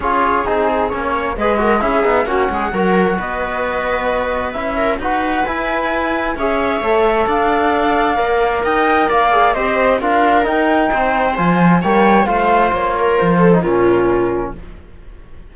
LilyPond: <<
  \new Staff \with { instrumentName = "flute" } { \time 4/4 \tempo 4 = 132 cis''4 gis'4 cis''4 dis''4 | e''4 fis''2 dis''4~ | dis''2 e''4 fis''4 | gis''2 e''2 |
f''2. g''4 | f''4 dis''4 f''4 g''4~ | g''4 gis''4 g''4 f''4 | cis''4 c''4 ais'2 | }
  \new Staff \with { instrumentName = "viola" } { \time 4/4 gis'2~ gis'8 cis''8 b'8 ais'8 | gis'4 fis'8 gis'8 ais'4 b'4~ | b'2~ b'8 ais'8 b'4~ | b'2 cis''2 |
d''2. dis''4 | d''4 c''4 ais'2 | c''2 cis''4 c''4~ | c''8 ais'4 a'8 f'2 | }
  \new Staff \with { instrumentName = "trombone" } { \time 4/4 f'4 dis'4 cis'4 gis'8 fis'8 | e'8 dis'8 cis'4 fis'2~ | fis'2 e'4 fis'4 | e'2 gis'4 a'4~ |
a'2 ais'2~ | ais'8 gis'8 g'4 f'4 dis'4~ | dis'4 f'4 ais4 f'4~ | f'4.~ f'16 dis'16 cis'2 | }
  \new Staff \with { instrumentName = "cello" } { \time 4/4 cis'4 c'4 ais4 gis4 | cis'8 b8 ais8 gis8 fis4 b4~ | b2 cis'4 dis'4 | e'2 cis'4 a4 |
d'2 ais4 dis'4 | ais4 c'4 d'4 dis'4 | c'4 f4 g4 a4 | ais4 f4 ais,2 | }
>>